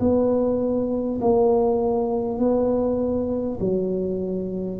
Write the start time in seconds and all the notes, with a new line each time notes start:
0.00 B3
1.21 A#3
2.38 B3
3.60 F#3